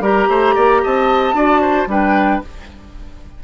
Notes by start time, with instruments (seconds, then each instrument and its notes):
0.00 bassoon G3, clarinet G4, oboe A#4, flute A#5
0.29 bassoon A3, oboe C5
0.55 bassoon A#3, oboe D5
0.83 bassoon C4, oboe D#5, flute A5
1.33 bassoon D4, clarinet F#4, oboe D5
1.61 oboe C5
1.87 bassoon G3, clarinet D4, oboe B4, flute G5